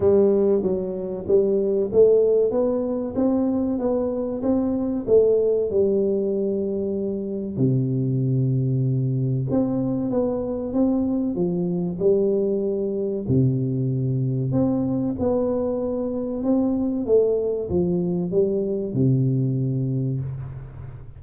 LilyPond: \new Staff \with { instrumentName = "tuba" } { \time 4/4 \tempo 4 = 95 g4 fis4 g4 a4 | b4 c'4 b4 c'4 | a4 g2. | c2. c'4 |
b4 c'4 f4 g4~ | g4 c2 c'4 | b2 c'4 a4 | f4 g4 c2 | }